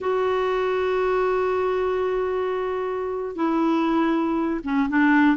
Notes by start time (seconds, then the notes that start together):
0.00 F#4
3.35 E4
4.63 C#4
4.89 D4